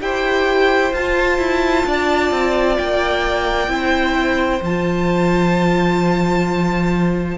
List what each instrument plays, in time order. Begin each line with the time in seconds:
0.00 cello E4, viola G4, violin C5 G5
0.93 cello F4, viola F4, violin A5
1.38 cello E4
1.86 cello D4, violin D5
2.31 cello C4
2.77 cello A#3, violin G5
3.67 cello C4, viola E4, violin C5
4.61 cello F3, viola F4, violin A5